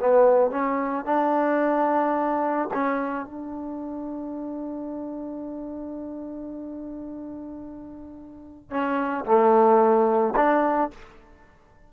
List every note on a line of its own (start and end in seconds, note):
0.00 0.51 B3
0.51 1.06 C#4
1.06 2.69 D4
2.74 3.26 C#4
3.26 8.71 D4
8.71 9.25 C#4
9.25 10.34 A3
10.36 10.91 D4